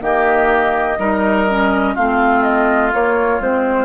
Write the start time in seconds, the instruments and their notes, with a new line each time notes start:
0.00 bassoon D#3, clarinet A#3, oboe G4, flute D#5
0.99 bassoon G3, clarinet D#4, oboe A#4
1.49 clarinet C#4
1.95 bassoon A3, clarinet C4, oboe F4, flute F5
2.43 flute D#5
2.92 clarinet A#3, bassoon A#3, flute C#5
3.40 bassoon G#3, clarinet C4, flute C5